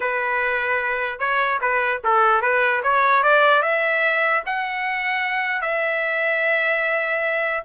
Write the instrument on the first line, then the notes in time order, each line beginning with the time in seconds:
trumpet
0.00 B4
1.19 C#5
1.61 B4
2.03 A4
2.41 B4
2.83 C#5
3.23 D5
3.62 E5
4.46 F#5
5.61 E5